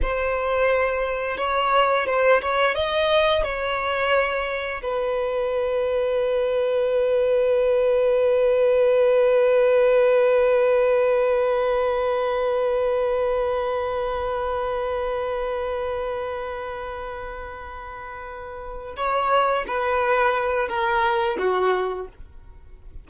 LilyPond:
\new Staff \with { instrumentName = "violin" } { \time 4/4 \tempo 4 = 87 c''2 cis''4 c''8 cis''8 | dis''4 cis''2 b'4~ | b'1~ | b'1~ |
b'1~ | b'1~ | b'2.~ b'8 cis''8~ | cis''8 b'4. ais'4 fis'4 | }